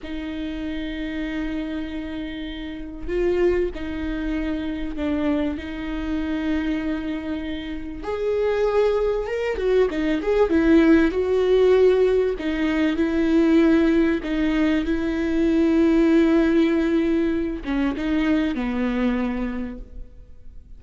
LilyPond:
\new Staff \with { instrumentName = "viola" } { \time 4/4 \tempo 4 = 97 dis'1~ | dis'4 f'4 dis'2 | d'4 dis'2.~ | dis'4 gis'2 ais'8 fis'8 |
dis'8 gis'8 e'4 fis'2 | dis'4 e'2 dis'4 | e'1~ | e'8 cis'8 dis'4 b2 | }